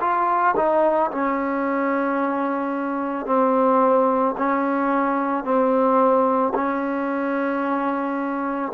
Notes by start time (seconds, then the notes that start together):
0.00 F4
0.56 D#4
1.11 C#4
3.25 C4
4.37 C#4
5.43 C4
6.54 C#4